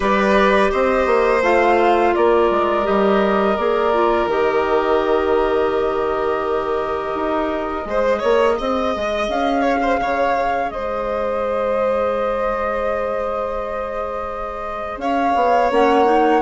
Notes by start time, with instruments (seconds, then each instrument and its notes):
0.00 bassoon G3, clarinet G4, violin B4, flute D5
0.71 bassoon C4, violin C5, flute D#5
1.06 bassoon A#3
1.42 bassoon A3, clarinet F4, flute F5
2.14 bassoon A#3, violin A#4, flute D5
2.50 bassoon G#3
2.83 bassoon G3, clarinet G4, flute D#5
3.56 bassoon A#3, clarinet G#4, flute D5
3.93 clarinet F4
4.26 bassoon D#3, clarinet G4, flute D#5
7.14 bassoon D#4
7.85 bassoon G#3, clarinet G#4, violin C5
8.19 bassoon A#3, violin C#5
8.58 bassoon C4, violin D#5
8.96 bassoon G#3
9.28 bassoon C#4, flute F5
9.61 violin C#5
9.82 violin C5
10.00 bassoon C#3, violin C#5
10.69 bassoon G#3, violin C5, flute D#5
14.97 bassoon C#4, violin C#5, flute F5
15.35 bassoon B3
15.70 bassoon A#3, clarinet C#4, flute F#5
16.04 clarinet D#4